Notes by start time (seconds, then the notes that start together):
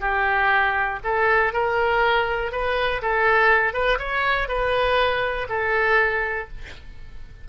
0.00 G4
1.03 A4
1.52 A#4
2.52 B4
3.02 A4
3.73 B4
3.98 C#5
4.48 B4
5.49 A4